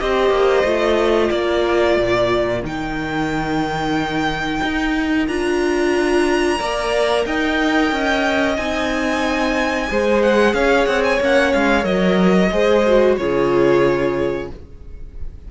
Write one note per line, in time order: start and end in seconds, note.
0.00 0.30 C4
0.00 0.66 G4
0.00 1.34 C5
0.00 1.30 D#5
0.30 0.63 A#3
0.64 1.30 A3
0.64 2.63 F4
1.30 1.98 A#3
1.30 6.60 A#4
1.30 2.62 D5
1.98 2.63 A#2
2.63 4.61 D#3
2.63 5.29 D#4
2.63 5.28 G5
4.64 5.28 D#4
5.28 6.60 D4
5.28 6.59 F4
5.28 7.26 A#5
6.59 7.26 A#3
6.59 8.57 A#4
6.59 7.26 D5
7.26 7.92 D#4
7.26 9.90 D#5
7.26 8.57 G5
7.92 8.58 C#4
8.57 9.90 C4
8.57 9.88 D#4
8.57 10.22 G#5
9.88 10.54 G#3
9.88 11.20 G#4
9.88 10.55 C5
10.23 10.54 F#5
10.54 10.87 C#4
10.54 12.53 C#5
10.54 10.86 F5
10.86 11.20 C4
10.86 11.03 F#5
11.04 11.21 G#5
11.21 11.54 A#3
11.21 11.82 C#4
11.21 11.53 F#5
11.53 11.85 G#3
11.53 11.85 F5
11.82 12.51 F#3
11.82 12.48 A#4
11.82 13.16 D#5
12.53 13.19 G#3
12.53 12.86 G#4
12.53 13.19 C5
12.87 13.20 F#4
13.17 14.51 C#3
13.17 14.52 F4
13.17 14.51 G#4
13.17 14.49 C#5